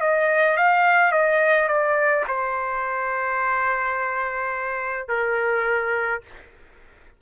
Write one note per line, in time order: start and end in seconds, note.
0.00 0.57 D#5
0.57 1.11 F5
1.11 1.68 D#5
1.68 2.24 D5
2.27 5.08 C5
5.08 6.21 A#4